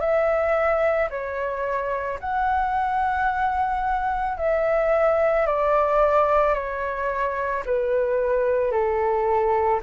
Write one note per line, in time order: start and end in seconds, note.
0.00 1.09 E5
1.10 2.19 C#5
2.20 4.38 F#5
4.38 5.46 E5
5.46 6.55 D5
6.55 7.64 C#5
7.66 8.72 B4
8.72 9.81 A4